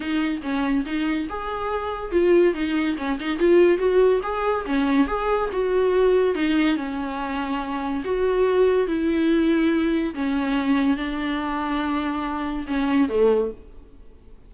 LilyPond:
\new Staff \with { instrumentName = "viola" } { \time 4/4 \tempo 4 = 142 dis'4 cis'4 dis'4 gis'4~ | gis'4 f'4 dis'4 cis'8 dis'8 | f'4 fis'4 gis'4 cis'4 | gis'4 fis'2 dis'4 |
cis'2. fis'4~ | fis'4 e'2. | cis'2 d'2~ | d'2 cis'4 a4 | }